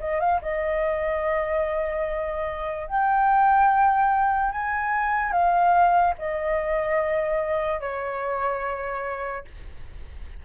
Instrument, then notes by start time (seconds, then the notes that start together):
flute
0.00 D#5
0.20 F5
0.41 D#5
2.87 G5
4.52 G#5
5.32 F5
6.18 D#5
7.80 C#5